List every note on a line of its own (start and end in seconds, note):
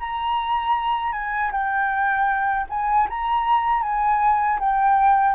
0.00 1.13 A#5
1.13 1.51 G#5
1.52 2.67 G5
2.70 3.08 G#5
3.10 3.83 A#5
3.83 4.60 G#5
4.60 5.35 G5